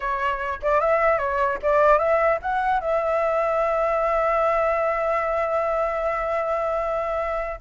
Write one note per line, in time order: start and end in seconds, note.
0.00 0.59 C#5
0.62 0.80 D5
0.80 1.18 E5
1.18 1.58 C#5
1.62 1.98 D5
1.98 2.38 E5
2.41 2.80 F#5
2.80 7.60 E5